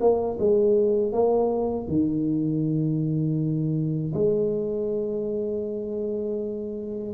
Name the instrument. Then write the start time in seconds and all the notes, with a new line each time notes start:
tuba
0.00 A#3
0.39 G#3
1.12 A#3
1.88 D#3
4.14 G#3